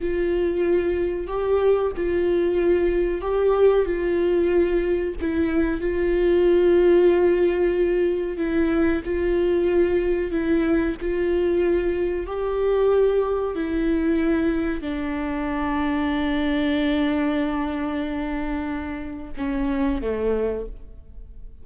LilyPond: \new Staff \with { instrumentName = "viola" } { \time 4/4 \tempo 4 = 93 f'2 g'4 f'4~ | f'4 g'4 f'2 | e'4 f'2.~ | f'4 e'4 f'2 |
e'4 f'2 g'4~ | g'4 e'2 d'4~ | d'1~ | d'2 cis'4 a4 | }